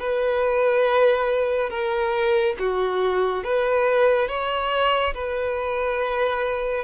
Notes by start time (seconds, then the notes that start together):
0.00 B4
1.70 A#4
2.59 F#4
3.44 B4
4.29 C#5
5.15 B4